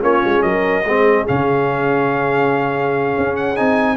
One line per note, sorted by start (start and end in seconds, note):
0.00 0.23 A#3
0.00 0.83 C#4
0.00 0.43 F4
0.00 0.42 C#5
0.24 0.43 G#3
0.42 0.84 F#3
0.42 0.85 A#4
0.42 1.25 D#5
0.84 1.26 G#3
0.84 1.27 C4
0.84 3.96 G#4
1.27 3.16 C#3
1.27 3.55 C#4
1.27 3.36 F5
3.17 3.59 C#4
3.36 3.56 F#5
3.55 3.96 C4
3.55 3.96 D#4
3.55 3.96 G#5